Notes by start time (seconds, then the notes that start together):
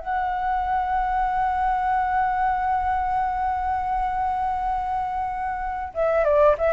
0.00 F#5
5.94 E5
6.25 D5
6.59 E5